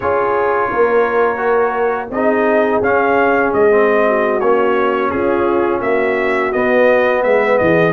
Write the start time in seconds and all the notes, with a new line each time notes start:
0.00 C#4 F4 G#4 C#5
0.70 A#3 A#4
1.36 F#4
2.10 C4 D#4 G#4 D#5
2.81 C#4 F5
3.53 G#3 D#5
3.70 C4
4.06 F#4
4.40 A#3 C#4 C#5
5.10 C#4 F4 G#4
5.80 A#3 F#4 E5
6.52 B3 D#5
7.23 G#3 B4 E5
7.57 E3 G#4 D#5